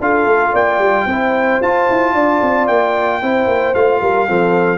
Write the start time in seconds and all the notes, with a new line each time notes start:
0.00 D4 F4 A4 F5
0.25 A3
0.52 A#3 D5 G5
0.78 G3
1.05 C4 E4 C5
1.61 F4 A5
1.89 E4
2.13 D4 D5
2.41 C4
2.67 A#3 G5
3.22 C4 E4 C5
3.46 A#3
3.74 A3 F4 F5
4.01 G3 A#4
4.28 F3 C4 A4